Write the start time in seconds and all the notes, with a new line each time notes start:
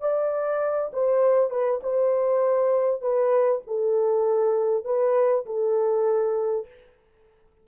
0.00 D5
0.93 C5
1.50 B4
1.82 C5
3.01 B4
3.67 A4
4.84 B4
5.45 A4